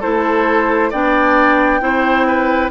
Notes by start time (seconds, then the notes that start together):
0.00 A3 E4 A4 C5
0.90 B3 D4 D5 G5
1.80 C4 E4 C5
2.26 B4